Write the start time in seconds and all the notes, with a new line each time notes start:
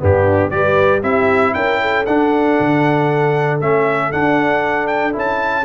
0.00 G2 B3 D4 G4
0.51 G3 G4 B4 D5
1.02 C4 E4 G4 E5
1.54 C#4 A#4 G5
1.82 A4
2.06 D4 F#5
2.61 D3
3.61 A3 C#4 E5
4.12 D4 F#5
4.87 G5
5.13 C#4 E4
5.19 A5